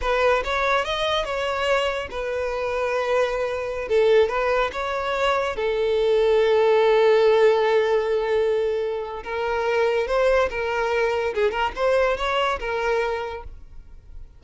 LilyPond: \new Staff \with { instrumentName = "violin" } { \time 4/4 \tempo 4 = 143 b'4 cis''4 dis''4 cis''4~ | cis''4 b'2.~ | b'4~ b'16 a'4 b'4 cis''8.~ | cis''4~ cis''16 a'2~ a'8.~ |
a'1~ | a'2 ais'2 | c''4 ais'2 gis'8 ais'8 | c''4 cis''4 ais'2 | }